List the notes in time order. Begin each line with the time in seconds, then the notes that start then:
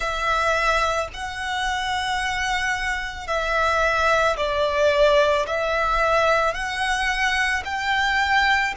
0.00 E5
1.13 F#5
3.27 E5
4.36 D5
5.46 E5
6.54 F#5
7.65 G5